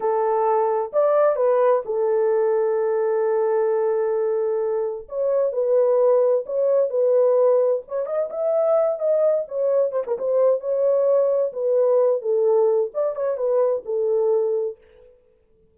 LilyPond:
\new Staff \with { instrumentName = "horn" } { \time 4/4 \tempo 4 = 130 a'2 d''4 b'4 | a'1~ | a'2. cis''4 | b'2 cis''4 b'4~ |
b'4 cis''8 dis''8 e''4. dis''8~ | dis''8 cis''4 c''16 ais'16 c''4 cis''4~ | cis''4 b'4. a'4. | d''8 cis''8 b'4 a'2 | }